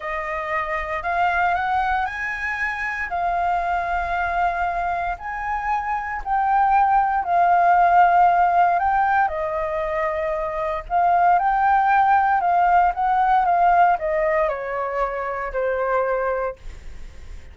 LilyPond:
\new Staff \with { instrumentName = "flute" } { \time 4/4 \tempo 4 = 116 dis''2 f''4 fis''4 | gis''2 f''2~ | f''2 gis''2 | g''2 f''2~ |
f''4 g''4 dis''2~ | dis''4 f''4 g''2 | f''4 fis''4 f''4 dis''4 | cis''2 c''2 | }